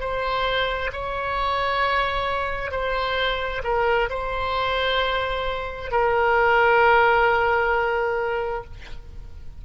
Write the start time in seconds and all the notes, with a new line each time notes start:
0.00 C5
0.93 C#5
2.71 C5
3.64 A#4
4.10 C5
5.91 A#4